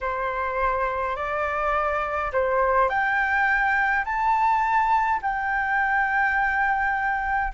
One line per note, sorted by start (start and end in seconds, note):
0.00 1.16 C5
1.16 2.31 D5
2.32 2.89 C5
2.89 4.04 G5
4.04 5.20 A5
5.22 7.52 G5